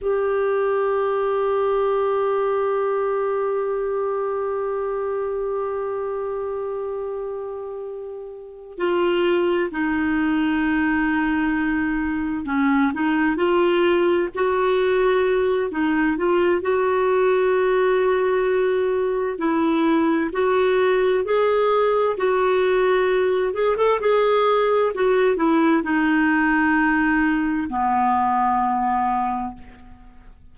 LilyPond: \new Staff \with { instrumentName = "clarinet" } { \time 4/4 \tempo 4 = 65 g'1~ | g'1~ | g'4. f'4 dis'4.~ | dis'4. cis'8 dis'8 f'4 fis'8~ |
fis'4 dis'8 f'8 fis'2~ | fis'4 e'4 fis'4 gis'4 | fis'4. gis'16 a'16 gis'4 fis'8 e'8 | dis'2 b2 | }